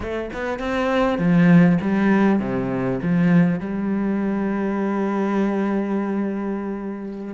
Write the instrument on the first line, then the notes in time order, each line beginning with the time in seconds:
cello
0.00 A3
0.33 B3
0.59 C4
1.18 F3
1.81 G3
2.39 C3
3.02 F3
3.59 G3